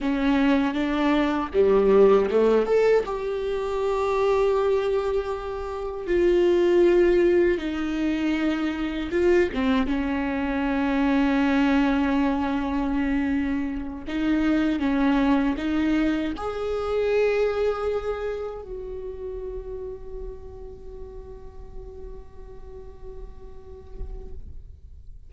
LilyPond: \new Staff \with { instrumentName = "viola" } { \time 4/4 \tempo 4 = 79 cis'4 d'4 g4 a8 a'8 | g'1 | f'2 dis'2 | f'8 c'8 cis'2.~ |
cis'2~ cis'8 dis'4 cis'8~ | cis'8 dis'4 gis'2~ gis'8~ | gis'8 fis'2.~ fis'8~ | fis'1 | }